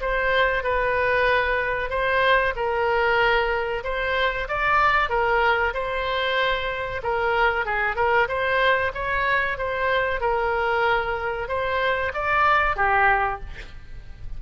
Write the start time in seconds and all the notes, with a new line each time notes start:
0.00 C5
0.63 B4
1.89 C5
2.55 A#4
3.84 C5
4.48 D5
5.09 A#4
5.73 C5
7.02 A#4
7.65 G#4
7.96 A#4
8.28 C5
8.94 C#5
9.57 C5
10.20 A#4
11.48 C5
12.13 D5
12.76 G4